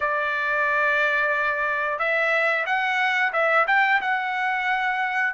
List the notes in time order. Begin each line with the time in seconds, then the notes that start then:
0.00 D5
1.98 E5
2.65 F#5
3.32 E5
3.67 G5
4.01 F#5